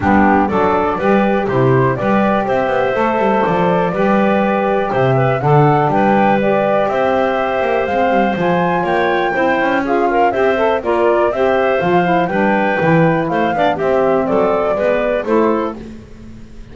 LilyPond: <<
  \new Staff \with { instrumentName = "flute" } { \time 4/4 \tempo 4 = 122 g'4 d''2 c''4 | d''4 e''2 d''4~ | d''2 e''4 fis''4 | g''4 d''4 e''2 |
f''4 gis''4 g''2 | f''4 e''4 d''4 e''4 | f''4 g''2 f''4 | e''4 d''2 c''4 | }
  \new Staff \with { instrumentName = "clarinet" } { \time 4/4 d'4 a'4 b'4 g'4 | b'4 c''2. | b'2 c''8 b'8 a'4 | b'2 c''2~ |
c''2 cis''4 c''4 | gis'8 ais'8 c''4 f'4 c''4~ | c''4 b'2 c''8 d''8 | g'4 a'4 b'4 a'4 | }
  \new Staff \with { instrumentName = "saxophone" } { \time 4/4 b4 d'4 g'4 e'4 | g'2 a'2 | g'2. d'4~ | d'4 g'2. |
c'4 f'2 e'4 | f'4 g'8 a'8 ais'4 g'4 | f'8 e'8 d'4 e'4. d'8 | c'2 b4 e'4 | }
  \new Staff \with { instrumentName = "double bass" } { \time 4/4 g4 fis4 g4 c4 | g4 c'8 b8 a8 g8 f4 | g2 c4 d4 | g2 c'4. ais8 |
gis8 g8 f4 ais4 c'8 cis'8~ | cis'4 c'4 ais4 c'4 | f4 g4 e4 a8 b8 | c'4 fis4 gis4 a4 | }
>>